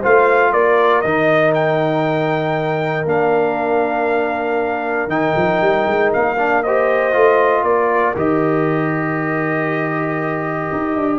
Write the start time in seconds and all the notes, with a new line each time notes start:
0.00 A3 F4 C5 F5
0.52 A#3 A#4 D5
1.02 D#3 D#4 D#5
1.54 G5
3.06 A#3 D4 F5
5.07 D#3 D#4 G5
5.36 F3
5.61 G3
5.87 G#3
6.13 A#3 F5
6.38 D4
6.63 G4 C5 D#5
7.13 A3 F4
7.63 A#3 A#4 D5
8.16 D#3 G4 D#5
10.72 D#4
10.97 D4